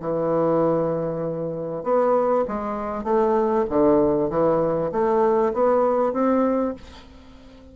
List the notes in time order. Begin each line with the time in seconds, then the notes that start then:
0.00 E3
1.83 B3
2.48 G#3
3.04 A3
3.69 D3
4.29 E3
4.91 A3
5.53 B3
6.13 C4